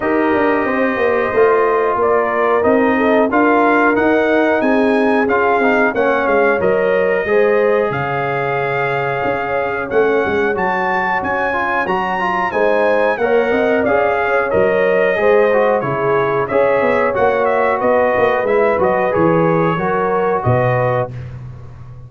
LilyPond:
<<
  \new Staff \with { instrumentName = "trumpet" } { \time 4/4 \tempo 4 = 91 dis''2. d''4 | dis''4 f''4 fis''4 gis''4 | f''4 fis''8 f''8 dis''2 | f''2. fis''4 |
a''4 gis''4 ais''4 gis''4 | fis''4 f''4 dis''2 | cis''4 e''4 fis''8 e''8 dis''4 | e''8 dis''8 cis''2 dis''4 | }
  \new Staff \with { instrumentName = "horn" } { \time 4/4 ais'4 c''2 ais'4~ | ais'8 a'8 ais'2 gis'4~ | gis'4 cis''2 c''4 | cis''1~ |
cis''2. c''4 | cis''8 dis''8 d''8 cis''4. c''4 | gis'4 cis''2 b'4~ | b'2 ais'4 b'4 | }
  \new Staff \with { instrumentName = "trombone" } { \time 4/4 g'2 f'2 | dis'4 f'4 dis'2 | f'8 dis'8 cis'4 ais'4 gis'4~ | gis'2. cis'4 |
fis'4. f'8 fis'8 f'8 dis'4 | ais'4 gis'4 ais'4 gis'8 fis'8 | e'4 gis'4 fis'2 | e'8 fis'8 gis'4 fis'2 | }
  \new Staff \with { instrumentName = "tuba" } { \time 4/4 dis'8 d'8 c'8 ais8 a4 ais4 | c'4 d'4 dis'4 c'4 | cis'8 c'8 ais8 gis8 fis4 gis4 | cis2 cis'4 a8 gis8 |
fis4 cis'4 fis4 gis4 | ais8 c'8 cis'4 fis4 gis4 | cis4 cis'8 b8 ais4 b8 ais8 | gis8 fis8 e4 fis4 b,4 | }
>>